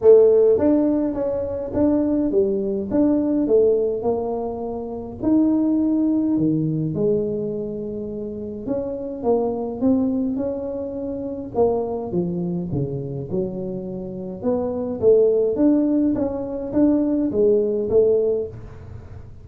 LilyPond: \new Staff \with { instrumentName = "tuba" } { \time 4/4 \tempo 4 = 104 a4 d'4 cis'4 d'4 | g4 d'4 a4 ais4~ | ais4 dis'2 dis4 | gis2. cis'4 |
ais4 c'4 cis'2 | ais4 f4 cis4 fis4~ | fis4 b4 a4 d'4 | cis'4 d'4 gis4 a4 | }